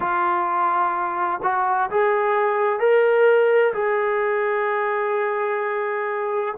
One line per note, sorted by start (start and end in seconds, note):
0.00 1.40 F4
1.43 1.90 F#4
1.90 2.79 G#4
2.79 3.73 A#4
3.73 6.55 G#4